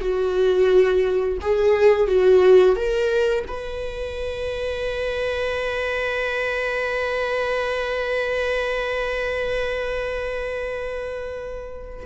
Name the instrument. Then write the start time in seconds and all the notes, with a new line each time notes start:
viola
0.00 F#4
1.41 G#4
2.08 F#4
2.76 A#4
3.47 B4